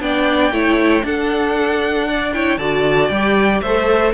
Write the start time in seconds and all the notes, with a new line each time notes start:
0.00 B3 D4 D5 G5
0.51 A3 E4 C#5
1.02 D4 A4 F#5
2.07 D5
2.33 E4 C#5 G5
2.57 D3 F#4 D5 A5
3.08 G3 G4 G5
3.61 A3 A4 C5 E5